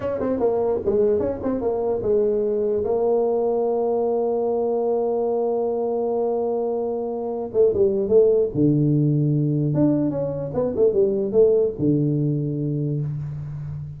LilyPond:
\new Staff \with { instrumentName = "tuba" } { \time 4/4 \tempo 4 = 148 cis'8 c'8 ais4 gis4 cis'8 c'8 | ais4 gis2 ais4~ | ais1~ | ais1~ |
ais2~ ais8 a8 g4 | a4 d2. | d'4 cis'4 b8 a8 g4 | a4 d2. | }